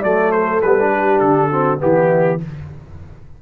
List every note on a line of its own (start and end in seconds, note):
0.00 0.63 F#3
0.00 0.62 A3
0.00 0.30 D5
0.00 0.32 D5
0.32 0.93 A4
0.32 0.62 C5
0.62 1.21 G3
0.62 0.79 B3
0.62 1.20 B4
0.80 1.52 D4
0.93 1.51 G4
1.20 1.81 D3
1.20 1.79 A4
1.51 1.79 C4
1.51 1.81 F#4
1.79 2.43 E3
1.79 2.38 B3
1.79 2.40 E4
1.79 2.41 G4